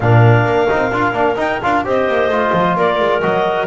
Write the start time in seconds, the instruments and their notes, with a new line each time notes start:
0.00 double bass A#2, trombone D4, clarinet A#4 F5
0.45 double bass A#3
0.68 double bass C4, trombone D#4
0.91 double bass D4, trombone F4
1.12 double bass A#3, trombone D4
1.36 trombone D#4, double bass D#4, clarinet G5
1.62 double bass D4, trombone F4, clarinet F5
1.84 double bass C4, trombone G4, clarinet C5 D#5
2.07 double bass A#3
2.27 double bass A3, trombone F4
2.52 double bass F3
2.76 double bass A#3, clarinet A#4 D5
2.99 double bass G#3
3.20 double bass F#3, trombone F#4, clarinet D#5